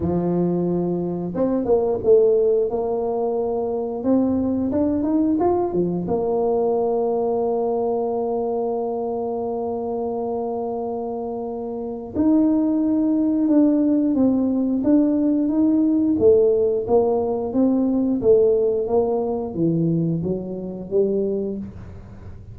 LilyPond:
\new Staff \with { instrumentName = "tuba" } { \time 4/4 \tempo 4 = 89 f2 c'8 ais8 a4 | ais2 c'4 d'8 dis'8 | f'8 f8 ais2.~ | ais1~ |
ais2 dis'2 | d'4 c'4 d'4 dis'4 | a4 ais4 c'4 a4 | ais4 e4 fis4 g4 | }